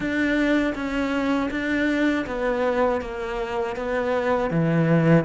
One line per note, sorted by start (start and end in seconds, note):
0.00 0.74 D4
0.74 1.49 C#4
1.50 2.25 D4
2.26 3.01 B3
3.01 3.76 A#3
3.76 4.50 B3
4.50 5.24 E3